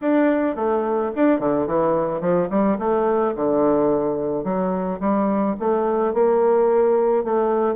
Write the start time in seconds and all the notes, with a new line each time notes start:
0.01 D4
0.55 A3
1.15 D4
1.39 D3
1.66 E3
2.20 F3
2.49 G3
2.78 A3
3.35 D3
4.43 F#3
5.00 G3
5.59 A3
6.13 A#3
7.24 A3